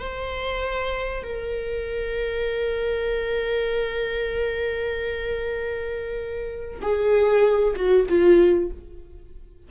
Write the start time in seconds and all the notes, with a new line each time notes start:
0.00 C5
1.23 A#4
6.82 G#4
7.76 F#4
8.09 F4